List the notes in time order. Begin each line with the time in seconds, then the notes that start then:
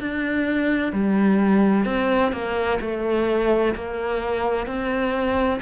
0.00 D4
0.93 G3
1.85 C4
2.32 A#3
2.81 A3
3.75 A#3
4.67 C4